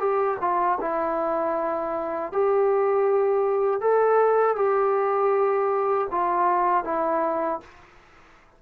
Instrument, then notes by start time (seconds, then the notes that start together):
trombone
0.00 G4
0.41 F4
0.81 E4
2.33 G4
3.81 A4
4.56 G4
6.12 F4
6.85 E4